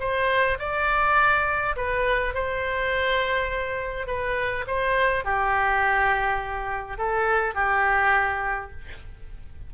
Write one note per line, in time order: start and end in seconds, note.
0.00 0.58 C5
0.59 1.76 D5
1.76 2.34 B4
2.34 4.07 C5
4.07 4.65 B4
4.67 5.25 C5
5.25 6.98 G4
6.98 7.55 A4
7.55 8.71 G4